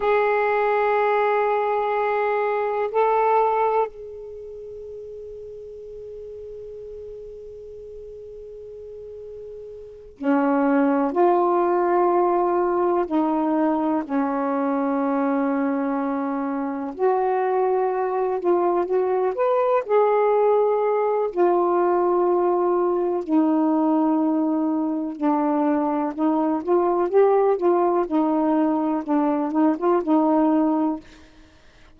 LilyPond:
\new Staff \with { instrumentName = "saxophone" } { \time 4/4 \tempo 4 = 62 gis'2. a'4 | gis'1~ | gis'2~ gis'8 cis'4 f'8~ | f'4. dis'4 cis'4.~ |
cis'4. fis'4. f'8 fis'8 | b'8 gis'4. f'2 | dis'2 d'4 dis'8 f'8 | g'8 f'8 dis'4 d'8 dis'16 f'16 dis'4 | }